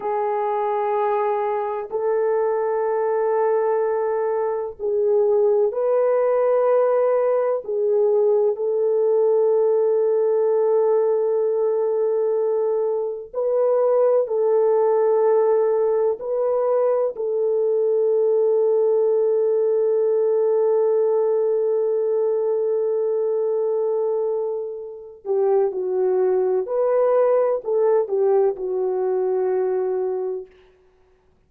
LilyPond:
\new Staff \with { instrumentName = "horn" } { \time 4/4 \tempo 4 = 63 gis'2 a'2~ | a'4 gis'4 b'2 | gis'4 a'2.~ | a'2 b'4 a'4~ |
a'4 b'4 a'2~ | a'1~ | a'2~ a'8 g'8 fis'4 | b'4 a'8 g'8 fis'2 | }